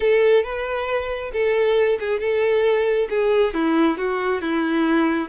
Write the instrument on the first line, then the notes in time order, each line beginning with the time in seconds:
violin
0.00 A4
0.43 B4
1.32 A4
1.99 G#4
2.20 A4
3.09 G#4
3.54 E4
3.97 F#4
4.41 E4